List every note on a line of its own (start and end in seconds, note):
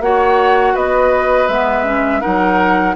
0.00 0.74 A#3
0.00 1.50 F#4
0.00 0.74 C#5
0.00 0.76 F#5
0.74 1.48 B3
0.74 2.21 B4
0.74 1.48 D#5
1.48 2.22 G#3
1.48 1.84 B3
1.48 2.21 E5
1.84 2.21 C#4
2.21 2.96 F#3
2.21 2.95 D#4
2.21 2.95 A#4
2.21 2.95 F#5